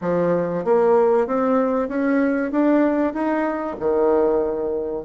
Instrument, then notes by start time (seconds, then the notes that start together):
bassoon
0.01 F3
0.64 A#3
1.26 C4
1.88 C#4
2.51 D4
3.13 D#4
3.79 D#3